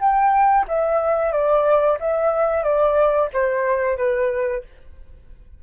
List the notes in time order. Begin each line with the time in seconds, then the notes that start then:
0.00 G5
0.68 E5
1.32 D5
2.00 E5
2.63 D5
3.34 C5
3.97 B4